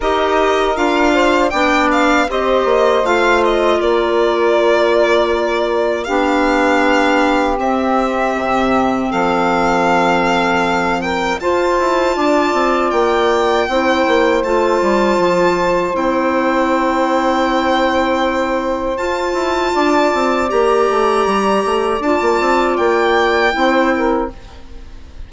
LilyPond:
<<
  \new Staff \with { instrumentName = "violin" } { \time 4/4 \tempo 4 = 79 dis''4 f''4 g''8 f''8 dis''4 | f''8 dis''8 d''2. | f''2 e''2 | f''2~ f''8 g''8 a''4~ |
a''4 g''2 a''4~ | a''4 g''2.~ | g''4 a''2 ais''4~ | ais''4 a''4 g''2 | }
  \new Staff \with { instrumentName = "saxophone" } { \time 4/4 ais'4. c''8 d''4 c''4~ | c''4 ais'2. | g'1 | a'2~ a'8 ais'8 c''4 |
d''2 c''2~ | c''1~ | c''2 d''2~ | d''2. c''8 ais'8 | }
  \new Staff \with { instrumentName = "clarinet" } { \time 4/4 g'4 f'4 d'4 g'4 | f'1 | d'2 c'2~ | c'2. f'4~ |
f'2 e'4 f'4~ | f'4 e'2.~ | e'4 f'2 g'4~ | g'4 f'2 e'4 | }
  \new Staff \with { instrumentName = "bassoon" } { \time 4/4 dis'4 d'4 b4 c'8 ais8 | a4 ais2. | b2 c'4 c4 | f2. f'8 e'8 |
d'8 c'8 ais4 c'8 ais8 a8 g8 | f4 c'2.~ | c'4 f'8 e'8 d'8 c'8 ais8 a8 | g8 a8 d'16 ais16 c'8 ais4 c'4 | }
>>